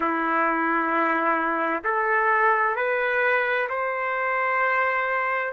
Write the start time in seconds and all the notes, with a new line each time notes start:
0.00 E4
1.83 A4
2.76 B4
3.69 C5